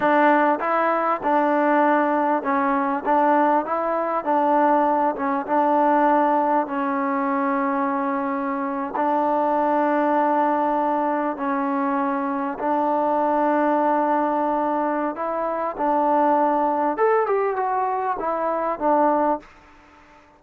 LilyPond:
\new Staff \with { instrumentName = "trombone" } { \time 4/4 \tempo 4 = 99 d'4 e'4 d'2 | cis'4 d'4 e'4 d'4~ | d'8 cis'8 d'2 cis'4~ | cis'2~ cis'8. d'4~ d'16~ |
d'2~ d'8. cis'4~ cis'16~ | cis'8. d'2.~ d'16~ | d'4 e'4 d'2 | a'8 g'8 fis'4 e'4 d'4 | }